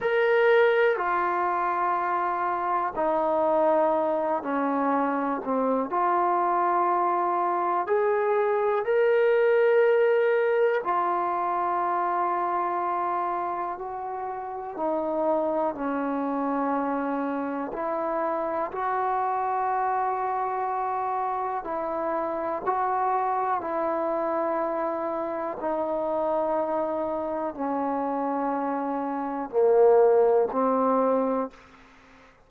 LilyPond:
\new Staff \with { instrumentName = "trombone" } { \time 4/4 \tempo 4 = 61 ais'4 f'2 dis'4~ | dis'8 cis'4 c'8 f'2 | gis'4 ais'2 f'4~ | f'2 fis'4 dis'4 |
cis'2 e'4 fis'4~ | fis'2 e'4 fis'4 | e'2 dis'2 | cis'2 ais4 c'4 | }